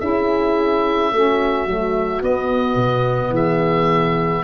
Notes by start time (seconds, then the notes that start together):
0.00 C#4 E4 G#4 E5
1.12 A3 C#4 F#4
1.66 F#3 A3
2.22 B3 D#5
2.76 B2
3.30 E3 G#4 E5